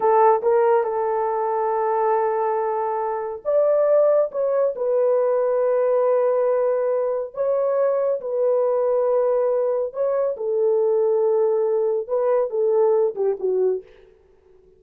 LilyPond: \new Staff \with { instrumentName = "horn" } { \time 4/4 \tempo 4 = 139 a'4 ais'4 a'2~ | a'1 | d''2 cis''4 b'4~ | b'1~ |
b'4 cis''2 b'4~ | b'2. cis''4 | a'1 | b'4 a'4. g'8 fis'4 | }